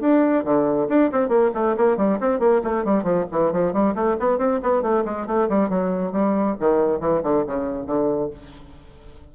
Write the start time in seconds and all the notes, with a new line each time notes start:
0.00 D4
0.44 D3
0.88 D4
1.11 C4
1.28 A#3
1.54 A3
1.77 A#3
1.97 G3
2.20 C4
2.39 A#3
2.63 A3
2.84 G3
3.03 F3
3.31 E3
3.52 F3
3.72 G3
3.95 A3
4.19 B3
4.38 C4
4.62 B3
4.82 A3
5.05 G#3
5.26 A3
5.48 G3
5.69 F#3
6.12 G3
6.60 D#3
7.00 E3
7.23 D3
7.46 C#3
7.86 D3